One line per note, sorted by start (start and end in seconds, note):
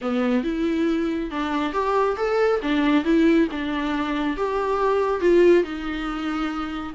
0.01 0.43 B3
0.43 1.30 E4
1.30 1.73 D4
1.73 2.16 G4
2.17 2.60 A4
2.61 3.04 D4
3.04 3.48 E4
3.51 4.36 D4
4.36 5.21 G4
5.21 5.63 F4
5.63 6.94 D#4